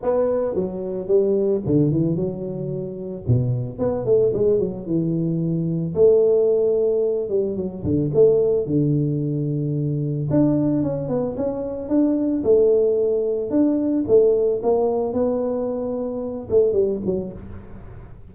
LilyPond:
\new Staff \with { instrumentName = "tuba" } { \time 4/4 \tempo 4 = 111 b4 fis4 g4 d8 e8 | fis2 b,4 b8 a8 | gis8 fis8 e2 a4~ | a4. g8 fis8 d8 a4 |
d2. d'4 | cis'8 b8 cis'4 d'4 a4~ | a4 d'4 a4 ais4 | b2~ b8 a8 g8 fis8 | }